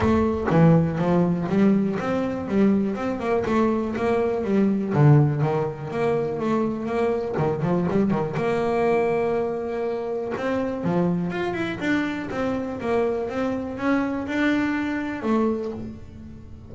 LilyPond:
\new Staff \with { instrumentName = "double bass" } { \time 4/4 \tempo 4 = 122 a4 e4 f4 g4 | c'4 g4 c'8 ais8 a4 | ais4 g4 d4 dis4 | ais4 a4 ais4 dis8 f8 |
g8 dis8 ais2.~ | ais4 c'4 f4 f'8 e'8 | d'4 c'4 ais4 c'4 | cis'4 d'2 a4 | }